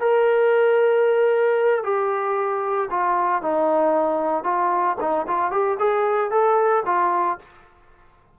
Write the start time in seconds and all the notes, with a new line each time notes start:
0.00 A#4
1.84 G4
2.90 F4
3.42 D#4
4.44 F4
5.00 D#4
5.28 F4
5.51 G4
5.79 G#4
6.31 A4
6.86 F4